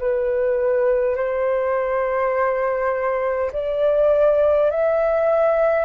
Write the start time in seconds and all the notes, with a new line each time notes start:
0.00 B4
1.16 C5
3.53 D5
4.71 E5